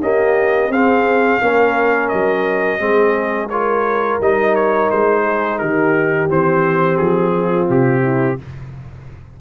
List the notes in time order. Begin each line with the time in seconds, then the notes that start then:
0.00 A#3 C#4 G4 D#5
0.69 C4 G#4 F5
1.41 A#3 C#4 A#4
2.09 F#3 D#5
2.79 G#3 C4 G#4
3.49 F4 A#4 C#5
4.21 G3 D#4 D#5
4.55 C#5
4.91 G#3 C5
5.23 G#4
5.59 D#3 G4 A#4
6.29 E3 C4 C5
6.98 F3 G#4
7.35 F4
7.69 C3 G4
8.02 E4